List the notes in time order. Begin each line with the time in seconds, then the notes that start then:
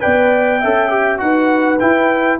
0.00 B3 B4 D5 G5
0.60 C#4 A4 E5
0.89 G4
1.17 D#4 F#4 B4 F#5
1.79 E4 G5